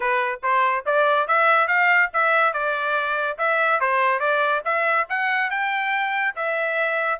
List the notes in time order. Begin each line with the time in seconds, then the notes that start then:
0.00 B4
0.42 C5
0.85 D5
1.27 E5
1.67 F5
2.13 E5
2.53 D5
3.38 E5
3.80 C5
4.19 D5
4.64 E5
5.09 F#5
5.50 G5
6.35 E5